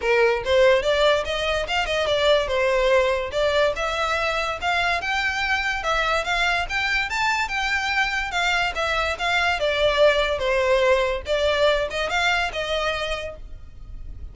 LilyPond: \new Staff \with { instrumentName = "violin" } { \time 4/4 \tempo 4 = 144 ais'4 c''4 d''4 dis''4 | f''8 dis''8 d''4 c''2 | d''4 e''2 f''4 | g''2 e''4 f''4 |
g''4 a''4 g''2 | f''4 e''4 f''4 d''4~ | d''4 c''2 d''4~ | d''8 dis''8 f''4 dis''2 | }